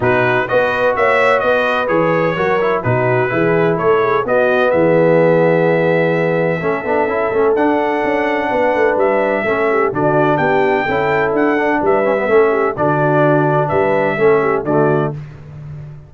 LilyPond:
<<
  \new Staff \with { instrumentName = "trumpet" } { \time 4/4 \tempo 4 = 127 b'4 dis''4 e''4 dis''4 | cis''2 b'2 | cis''4 dis''4 e''2~ | e''1 |
fis''2. e''4~ | e''4 d''4 g''2 | fis''4 e''2 d''4~ | d''4 e''2 d''4 | }
  \new Staff \with { instrumentName = "horn" } { \time 4/4 fis'4 b'4 cis''4 b'4~ | b'4 ais'4 fis'4 gis'4 | a'8 gis'8 fis'4 gis'2~ | gis'2 a'2~ |
a'2 b'2 | a'8 g'8 fis'4 g'4 a'4~ | a'4 b'4 a'8 g'8 fis'4~ | fis'4 b'4 a'8 g'8 fis'4 | }
  \new Staff \with { instrumentName = "trombone" } { \time 4/4 dis'4 fis'2. | gis'4 fis'8 e'8 dis'4 e'4~ | e'4 b2.~ | b2 cis'8 d'8 e'8 cis'8 |
d'1 | cis'4 d'2 e'4~ | e'8 d'4 cis'16 b16 cis'4 d'4~ | d'2 cis'4 a4 | }
  \new Staff \with { instrumentName = "tuba" } { \time 4/4 b,4 b4 ais4 b4 | e4 fis4 b,4 e4 | a4 b4 e2~ | e2 a8 b8 cis'8 a8 |
d'4 cis'4 b8 a8 g4 | a4 d4 b4 cis'4 | d'4 g4 a4 d4~ | d4 g4 a4 d4 | }
>>